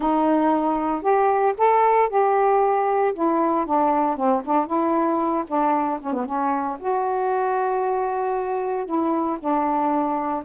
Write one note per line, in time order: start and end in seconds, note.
0.00 1.02 D#4
1.02 1.54 G4
1.57 2.09 A4
2.09 3.13 G4
3.14 3.65 E4
3.65 4.16 D4
4.16 4.42 C4
4.44 4.66 D4
4.66 5.44 E4
5.47 5.99 D4
6.00 6.13 C#4
6.13 6.25 B3
6.25 6.77 C#4
6.79 8.85 F#4
8.85 9.37 E4
9.39 10.44 D4